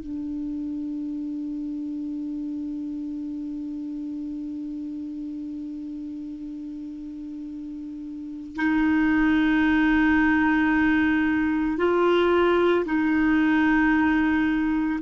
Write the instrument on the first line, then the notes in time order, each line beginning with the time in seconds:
clarinet
0.00 D4
8.56 D#4
11.77 F4
12.85 D#4